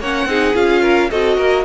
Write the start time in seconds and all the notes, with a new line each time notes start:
0.00 A#3 C#4 C#5 F#5
0.26 C4 D#4 G#4
0.55 C#4 F4 F5
0.83 A#4
1.11 C4 F#4 A4 D#5
1.37 A#3 A#4